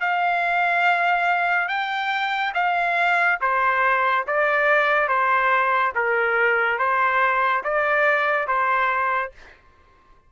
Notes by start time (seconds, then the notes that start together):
0.00 F5
1.68 G5
2.54 F5
3.41 C5
4.27 D5
5.08 C5
5.95 A#4
6.78 C5
7.64 D5
8.47 C5